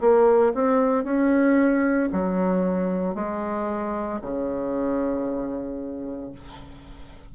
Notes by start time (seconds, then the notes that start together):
0.00 A#3
0.54 C4
1.04 C#4
2.12 F#3
3.14 G#3
4.21 C#3